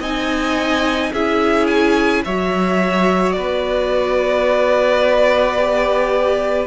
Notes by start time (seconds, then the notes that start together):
0.00 C4 D#4 D#5 G#5
1.13 C#4 E4 G#4 E5
1.67 G#5
2.25 F#3 F#4 C#5 E5
3.32 B3 B4 D5
5.57 G4